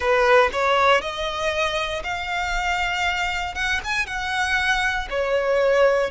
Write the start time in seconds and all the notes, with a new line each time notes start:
0.00 B4
0.52 C#5
1.01 D#5
2.03 F5
3.55 F#5
3.84 G#5
4.06 F#5
5.10 C#5